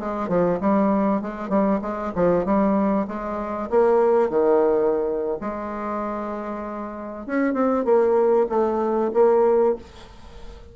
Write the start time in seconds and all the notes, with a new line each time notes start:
0.00 G#3
0.29 F3
0.61 G3
1.22 G#3
1.50 G3
1.82 G#3
2.16 F3
2.45 G3
3.08 G#3
3.71 A#3
4.30 D#3
5.41 G#3
7.27 C#4
7.54 C4
7.85 A#3
8.50 A3
9.14 A#3